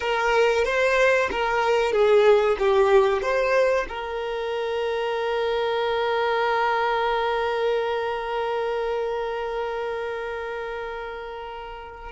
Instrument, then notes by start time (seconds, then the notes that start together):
violin
0.00 A#4
0.65 C5
1.31 A#4
1.92 G#4
2.58 G4
3.21 C5
3.89 A#4